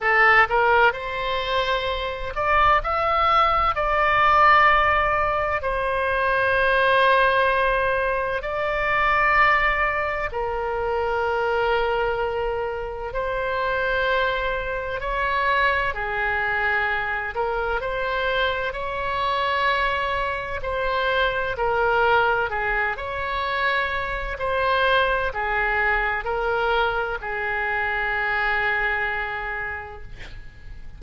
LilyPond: \new Staff \with { instrumentName = "oboe" } { \time 4/4 \tempo 4 = 64 a'8 ais'8 c''4. d''8 e''4 | d''2 c''2~ | c''4 d''2 ais'4~ | ais'2 c''2 |
cis''4 gis'4. ais'8 c''4 | cis''2 c''4 ais'4 | gis'8 cis''4. c''4 gis'4 | ais'4 gis'2. | }